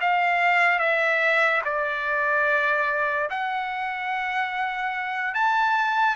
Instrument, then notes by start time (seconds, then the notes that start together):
trumpet
0.00 F5
0.79 E5
1.65 D5
3.30 F#5
5.34 A5